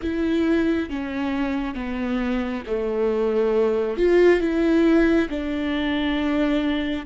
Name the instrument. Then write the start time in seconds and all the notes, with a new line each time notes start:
viola
0.02 E4
0.89 C#4
1.74 B3
2.67 A3
3.97 F4
4.40 E4
5.29 D4